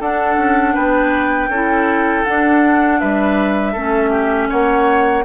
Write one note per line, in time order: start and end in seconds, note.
0.00 0.37 D4
0.00 1.50 D4
0.00 0.74 A4
0.00 0.75 F#5
0.37 0.74 C#4
0.74 1.48 B3
0.74 1.49 B4
0.74 2.25 G5
1.48 2.23 C#4
1.48 2.25 E4
1.48 3.00 A4
2.25 3.75 D4
2.25 3.02 D4
2.25 2.99 F#5
2.99 3.75 G3
2.99 3.72 B4
2.99 4.49 E5
3.72 4.50 A3
3.72 5.25 C#4
3.72 4.10 A4
4.10 4.47 G4
4.49 5.25 A#3
4.49 5.24 C#5
4.49 5.25 F#5